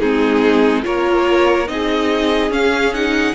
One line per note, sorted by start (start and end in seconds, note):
0.00 0.84 G#3
0.00 0.83 C4
0.00 0.85 D#4
0.00 0.83 G#4
0.83 1.69 A#3
0.83 1.66 F4
0.83 1.69 A#4
0.83 1.68 C#5
1.68 2.50 C4
1.68 2.51 D#4
1.68 3.35 G#4
1.68 2.52 D#5
2.50 3.34 C#4
2.50 2.93 C#4
2.50 2.94 F5
2.94 3.35 D#4
2.94 3.35 F#5